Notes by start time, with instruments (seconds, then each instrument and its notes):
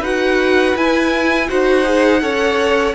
0.00 cello D#4, viola F#4, violin B4 F#5
0.76 cello E4, viola E4, violin G#5
1.48 cello D#4, viola F#4, violin C5 F#5
1.84 viola G#4
2.21 cello C#4, viola A4, violin C#5